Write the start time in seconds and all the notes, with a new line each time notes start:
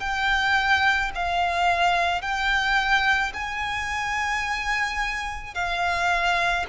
0.00 G5
1.15 F5
2.21 G5
3.33 G#5
5.55 F5